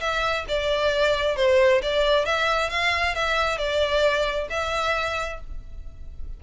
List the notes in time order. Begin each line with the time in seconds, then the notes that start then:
0.00 E5
0.48 D5
1.36 C5
1.82 D5
2.25 E5
2.70 F5
3.15 E5
3.58 D5
4.50 E5